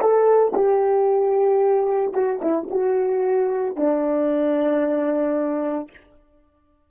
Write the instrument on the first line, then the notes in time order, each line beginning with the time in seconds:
horn
0.00 A4
0.55 G4
2.14 F#4
2.42 E4
2.71 F#4
3.76 D4